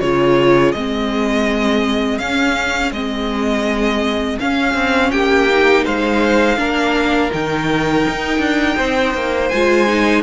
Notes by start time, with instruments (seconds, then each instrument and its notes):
0.00 cello C#3, viola F4, violin G#4 C#5
0.72 cello G#3, viola C4, violin D#5
2.18 cello C#4, viola C#4, violin F5
2.91 cello G#3, viola C4, violin D#5
4.39 viola C#4, cello C#4, violin F5
4.74 cello C4
5.11 cello A#3, violin G4 G5
5.49 viola D#4
5.84 cello G#3, violin C5 F5
6.56 cello A#3, viola D4, violin A#4
7.30 cello D#3, viola D#4, violin G5
8.08 cello D#4
8.38 cello D4
8.76 cello C4, violin C5
9.13 cello A#3
9.48 cello G#3, viola F4, violin G#5
9.86 viola D#4